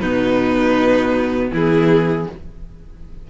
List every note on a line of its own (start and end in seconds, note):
0.00 1.51 B2
0.00 2.28 B3
0.00 1.51 D#4
0.00 1.50 B4
1.51 2.26 E3
1.51 2.27 E4
1.51 2.30 G#4